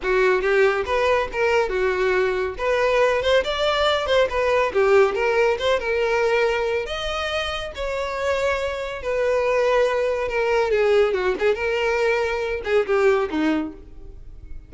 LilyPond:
\new Staff \with { instrumentName = "violin" } { \time 4/4 \tempo 4 = 140 fis'4 g'4 b'4 ais'4 | fis'2 b'4. c''8 | d''4. c''8 b'4 g'4 | ais'4 c''8 ais'2~ ais'8 |
dis''2 cis''2~ | cis''4 b'2. | ais'4 gis'4 fis'8 gis'8 ais'4~ | ais'4. gis'8 g'4 dis'4 | }